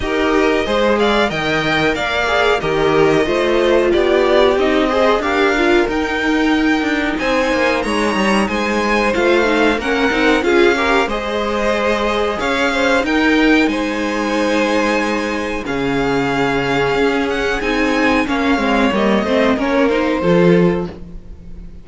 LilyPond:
<<
  \new Staff \with { instrumentName = "violin" } { \time 4/4 \tempo 4 = 92 dis''4. f''8 g''4 f''4 | dis''2 d''4 dis''4 | f''4 g''2 gis''4 | ais''4 gis''4 f''4 fis''4 |
f''4 dis''2 f''4 | g''4 gis''2. | f''2~ f''8 fis''8 gis''4 | f''4 dis''4 cis''8 c''4. | }
  \new Staff \with { instrumentName = "violin" } { \time 4/4 ais'4 c''8 d''8 dis''4 d''4 | ais'4 c''4 g'4. c''8 | ais'2. c''4 | cis''4 c''2 ais'4 |
gis'8 ais'8 c''2 cis''8 c''8 | ais'4 c''2. | gis'1 | cis''4. c''8 ais'4 a'4 | }
  \new Staff \with { instrumentName = "viola" } { \time 4/4 g'4 gis'4 ais'4. gis'8 | g'4 f'2 dis'8 gis'8 | g'8 f'8 dis'2.~ | dis'2 f'8 dis'8 cis'8 dis'8 |
f'8 g'8 gis'2. | dis'1 | cis'2. dis'4 | cis'8 c'8 ais8 c'8 cis'8 dis'8 f'4 | }
  \new Staff \with { instrumentName = "cello" } { \time 4/4 dis'4 gis4 dis4 ais4 | dis4 a4 b4 c'4 | d'4 dis'4. d'8 c'8 ais8 | gis8 g8 gis4 a4 ais8 c'8 |
cis'4 gis2 cis'4 | dis'4 gis2. | cis2 cis'4 c'4 | ais8 gis8 g8 a8 ais4 f4 | }
>>